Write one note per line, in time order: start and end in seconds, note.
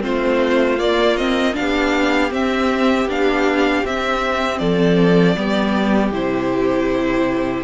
0.00 0.79 A3
0.00 0.76 C4
0.00 1.55 F4
0.00 0.79 C5
0.78 1.16 A#3
0.78 1.55 A#3
0.78 1.16 D5
1.16 1.53 C4
1.16 1.54 D#5
1.53 2.31 B3
1.53 2.29 D4
1.53 2.31 F5
1.59 4.59 G4
2.31 3.06 C4
2.31 3.05 C4
2.31 3.09 E5
3.05 3.81 B3
3.05 3.84 D4
3.05 3.85 F5
3.85 4.59 C4
3.85 5.36 C4
3.85 4.58 E5
4.58 5.35 F3
4.58 5.35 A4
4.58 6.10 D5
5.36 6.10 G3
5.36 6.12 B3
5.36 7.64 G4
6.10 7.62 C3
6.10 7.64 E4
6.10 7.64 C5